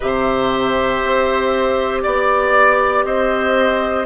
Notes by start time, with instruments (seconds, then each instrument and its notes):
0.00 bassoon C3, clarinet G4, oboe C5, flute E5
1.03 bassoon C4
2.02 bassoon B3, flute D5, oboe D5
3.04 bassoon C4, oboe C5, flute D#5